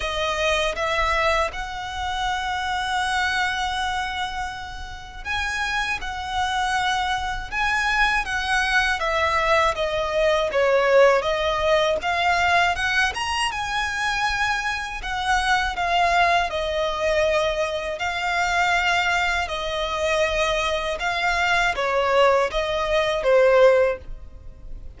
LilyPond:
\new Staff \with { instrumentName = "violin" } { \time 4/4 \tempo 4 = 80 dis''4 e''4 fis''2~ | fis''2. gis''4 | fis''2 gis''4 fis''4 | e''4 dis''4 cis''4 dis''4 |
f''4 fis''8 ais''8 gis''2 | fis''4 f''4 dis''2 | f''2 dis''2 | f''4 cis''4 dis''4 c''4 | }